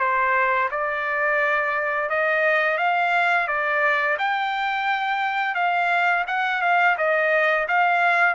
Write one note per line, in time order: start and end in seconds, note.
0.00 0.70 C5
0.71 2.10 D5
2.10 2.78 D#5
2.78 3.48 F5
3.48 4.18 D5
4.19 5.55 G5
5.55 6.25 F5
6.28 6.62 F#5
6.62 6.97 F5
6.98 7.68 D#5
7.68 8.35 F5